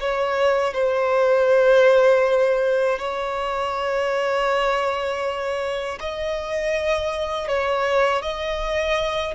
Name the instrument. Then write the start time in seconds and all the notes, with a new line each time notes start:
violin
0.00 C#5
0.74 C5
2.99 C#5
6.00 D#5
7.48 C#5
8.22 D#5